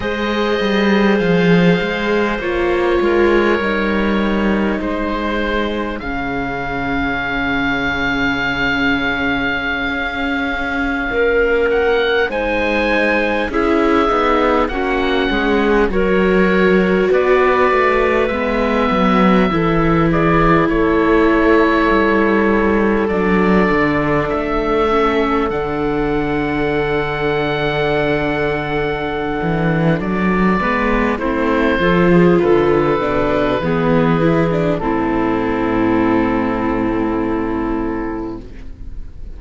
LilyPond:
<<
  \new Staff \with { instrumentName = "oboe" } { \time 4/4 \tempo 4 = 50 dis''4 f''4 cis''2 | c''4 f''2.~ | f''4.~ f''16 fis''8 gis''4 e''8.~ | e''16 fis''4 cis''4 d''4 e''8.~ |
e''8. d''8 cis''2 d''8.~ | d''16 e''4 fis''2~ fis''8.~ | fis''4 d''4 c''4 b'4~ | b'4 a'2. | }
  \new Staff \with { instrumentName = "clarinet" } { \time 4/4 c''2~ c''8 ais'4. | gis'1~ | gis'4~ gis'16 ais'4 c''4 gis'8.~ | gis'16 fis'8 gis'8 ais'4 b'4.~ b'16~ |
b'16 a'8 gis'8 a'2~ a'8.~ | a'1~ | a'4. b'8 e'8 a'16 gis'16 a'4 | gis'4 e'2. | }
  \new Staff \with { instrumentName = "viola" } { \time 4/4 gis'2 f'4 dis'4~ | dis'4 cis'2.~ | cis'2~ cis'16 dis'4 e'8 dis'16~ | dis'16 cis'4 fis'2 b8.~ |
b16 e'2. d'8.~ | d'8. cis'8 d'2~ d'8.~ | d'4. b8 c'8 f'4 d'8 | b8 e'16 d'16 c'2. | }
  \new Staff \with { instrumentName = "cello" } { \time 4/4 gis8 g8 f8 gis8 ais8 gis8 g4 | gis4 cis2.~ | cis16 cis'4 ais4 gis4 cis'8 b16~ | b16 ais8 gis8 fis4 b8 a8 gis8 fis16~ |
fis16 e4 a4 g4 fis8 d16~ | d16 a4 d2~ d8.~ | d8 e8 fis8 gis8 a8 f8 d8 b,8 | e4 a,2. | }
>>